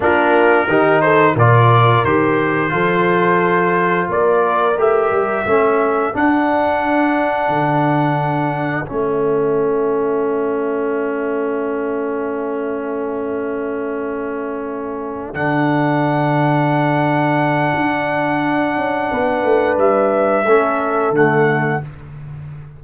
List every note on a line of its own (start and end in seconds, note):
0.00 0.67 A#3
0.00 0.68 D4
0.00 0.68 F4
0.00 1.01 A#4
0.67 1.35 D#3
0.67 1.37 D#4
0.67 1.02 G4
1.01 1.36 A4
1.01 1.35 C5
1.35 2.03 A#2
1.35 2.06 F4
1.35 2.72 A#4
1.35 2.05 D5
2.03 2.72 D#3
2.03 2.69 G4
2.03 4.09 C5
2.69 4.08 F3
2.69 4.73 F4
2.69 4.08 A4
4.08 4.76 A#3
4.08 5.47 A#4
4.08 4.79 D5
4.77 5.11 A3
4.77 5.46 G4
4.77 6.16 E5
5.11 5.45 G3
5.45 6.13 A3
5.45 6.13 C#4
5.45 19.11 A4
6.13 8.85 D4
6.13 7.48 D4
6.13 8.87 F#5
7.48 8.84 D3
8.86 15.34 A3
8.86 15.34 C#4
8.86 15.34 E5
15.34 17.72 D3
15.34 20.45 D4
15.34 19.77 F#5
17.75 18.76 D4
18.76 19.10 C#4
19.11 19.43 B3
19.11 20.45 B4
19.43 19.77 A3
19.77 20.45 G3
19.77 21.15 E5
20.45 21.10 A3
20.45 21.13 C#4
20.45 21.82 A4
21.10 21.78 D3
21.10 21.82 A3
21.10 21.83 F#5